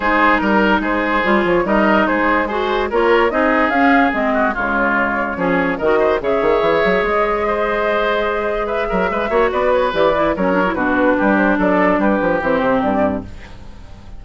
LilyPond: <<
  \new Staff \with { instrumentName = "flute" } { \time 4/4 \tempo 4 = 145 c''4 ais'4 c''4. cis''8 | dis''4 c''4 gis'4 cis''4 | dis''4 f''4 dis''4 cis''4~ | cis''2 dis''4 e''4~ |
e''4 dis''2.~ | dis''4 e''2 d''8 cis''8 | d''4 cis''4 b'4. c''8 | d''4 b'4 c''4 d''4 | }
  \new Staff \with { instrumentName = "oboe" } { \time 4/4 gis'4 ais'4 gis'2 | ais'4 gis'4 c''4 ais'4 | gis'2~ gis'8 fis'8 f'4~ | f'4 gis'4 ais'8 c''8 cis''4~ |
cis''2 c''2~ | c''4 b'8 ais'8 b'8 cis''8 b'4~ | b'4 ais'4 fis'4 g'4 | a'4 g'2. | }
  \new Staff \with { instrumentName = "clarinet" } { \time 4/4 dis'2. f'4 | dis'2 fis'4 f'4 | dis'4 cis'4 c'4 gis4~ | gis4 cis'4 fis'4 gis'4~ |
gis'1~ | gis'2~ gis'8 fis'4. | g'8 e'8 cis'8 d'16 e'16 d'2~ | d'2 c'2 | }
  \new Staff \with { instrumentName = "bassoon" } { \time 4/4 gis4 g4 gis4 g8 f8 | g4 gis2 ais4 | c'4 cis'4 gis4 cis4~ | cis4 f4 dis4 cis8 dis8 |
e8 fis8 gis2.~ | gis4. fis8 gis8 ais8 b4 | e4 fis4 b,4 g4 | fis4 g8 f8 e8 c8 g,4 | }
>>